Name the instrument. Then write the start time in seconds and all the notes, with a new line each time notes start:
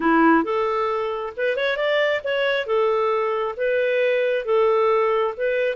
clarinet
0.00 E4
0.44 A4
1.36 B4
1.56 C#5
1.76 D5
2.24 C#5
2.66 A4
3.56 B4
4.45 A4
5.37 B4